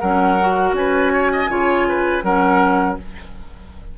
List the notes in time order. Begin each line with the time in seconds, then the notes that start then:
0.00 F#3 C#4 A#4 F#5
0.40 F#4
0.72 C#4 B4 G#5
1.12 C#5
1.32 D#5
1.48 C#3 F4 C#5
1.88 B4
2.23 F#3 C#4 A#4 F#5